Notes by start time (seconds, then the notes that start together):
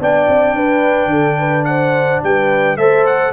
0.00 B3 D4 D5 G5
0.28 C4
0.54 D4 B4
1.06 D3 A4
1.39 B4
1.65 C5 F#5
2.23 G3 B4 G5
2.77 A3 A4 C5 E5
3.06 F#5